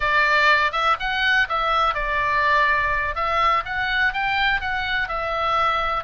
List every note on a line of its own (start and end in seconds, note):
0.00 0.72 D5
0.72 0.96 E5
0.99 1.48 F#5
1.48 1.94 E5
1.94 3.15 D5
3.15 3.63 E5
3.65 4.13 F#5
4.13 4.60 G5
4.60 5.08 F#5
5.08 6.04 E5